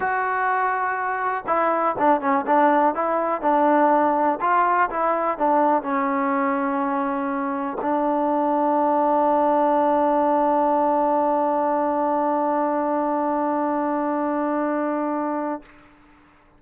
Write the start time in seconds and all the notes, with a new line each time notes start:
0.00 F#4
1.46 E4
1.98 D4
2.21 C#4
2.46 D4
2.94 E4
3.41 D4
4.40 F4
4.90 E4
5.38 D4
5.82 C#4
7.81 D4